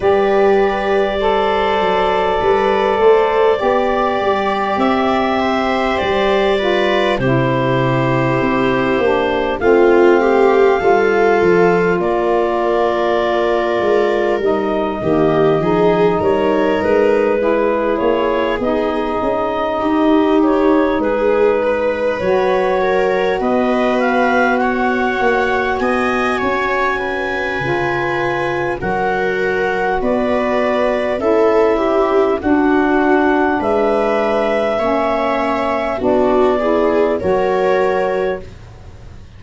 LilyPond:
<<
  \new Staff \with { instrumentName = "clarinet" } { \time 4/4 \tempo 4 = 50 d''1 | e''4 d''4 c''2 | f''2 d''2 | dis''4. cis''8 b'4 cis''8 dis''8~ |
dis''4 cis''8 b'4 cis''4 dis''8 | f''8 fis''4 gis''2~ gis''8 | fis''4 d''4 e''4 fis''4 | e''2 d''4 cis''4 | }
  \new Staff \with { instrumentName = "viola" } { \time 4/4 b'4 c''4 b'8 c''8 d''4~ | d''8 c''4 b'8 g'2 | f'8 g'8 a'4 ais'2~ | ais'8 g'8 gis'8 ais'4 gis'4.~ |
gis'8 g'4 gis'8 b'4 ais'8 b'8~ | b'8 cis''4 dis''8 cis''8 b'4. | ais'4 b'4 a'8 g'8 fis'4 | b'4 cis''4 fis'8 gis'8 ais'4 | }
  \new Staff \with { instrumentName = "saxophone" } { \time 4/4 g'4 a'2 g'4~ | g'4. f'8 e'4. d'8 | c'4 f'2. | dis'8 ais8 dis'4. e'4 dis'8~ |
dis'2~ dis'8 fis'4.~ | fis'2. f'4 | fis'2 e'4 d'4~ | d'4 cis'4 d'8 e'8 fis'4 | }
  \new Staff \with { instrumentName = "tuba" } { \time 4/4 g4. fis8 g8 a8 b8 g8 | c'4 g4 c4 c'8 ais8 | a4 g8 f8 ais4. gis8 | g8 dis8 f8 g8 gis4 ais8 b8 |
cis'8 dis'4 gis4 fis4 b8~ | b4 ais8 b8 cis'4 cis4 | fis4 b4 cis'4 d'4 | gis4 ais4 b4 fis4 | }
>>